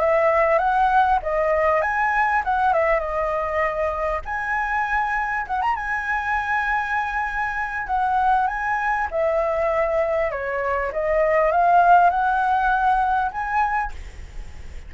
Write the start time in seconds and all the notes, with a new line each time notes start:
0.00 E5
0.59 F#5
1.23 D#5
1.82 G#5
2.44 F#5
2.73 E5
3.00 D#5
4.26 G#5
5.47 F#5
5.62 A#5
5.76 G#5
7.87 F#5
8.47 G#5
9.11 E5
10.31 C#5
10.93 D#5
11.52 F5
12.10 F#5
13.32 G#5